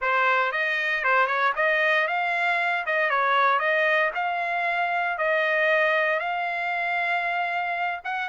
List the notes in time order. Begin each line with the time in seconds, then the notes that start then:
0.01 C5
0.52 D#5
1.04 C5
1.26 C#5
1.55 D#5
2.07 F5
2.85 D#5
3.10 C#5
3.59 D#5
4.14 F5
5.17 D#5
6.19 F5
8.04 F#5